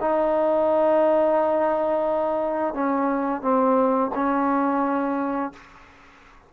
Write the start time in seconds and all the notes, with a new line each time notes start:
0.00 D#4
2.74 C#4
3.41 C4
4.15 C#4